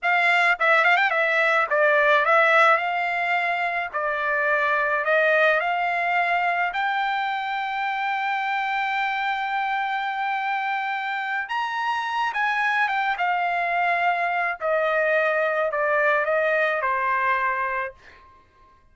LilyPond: \new Staff \with { instrumentName = "trumpet" } { \time 4/4 \tempo 4 = 107 f''4 e''8 f''16 g''16 e''4 d''4 | e''4 f''2 d''4~ | d''4 dis''4 f''2 | g''1~ |
g''1~ | g''8 ais''4. gis''4 g''8 f''8~ | f''2 dis''2 | d''4 dis''4 c''2 | }